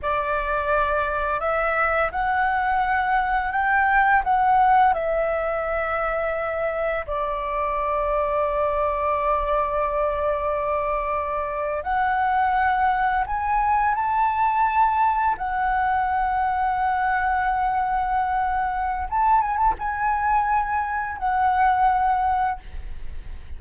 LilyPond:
\new Staff \with { instrumentName = "flute" } { \time 4/4 \tempo 4 = 85 d''2 e''4 fis''4~ | fis''4 g''4 fis''4 e''4~ | e''2 d''2~ | d''1~ |
d''8. fis''2 gis''4 a''16~ | a''4.~ a''16 fis''2~ fis''16~ | fis''2. a''8 gis''16 a''16 | gis''2 fis''2 | }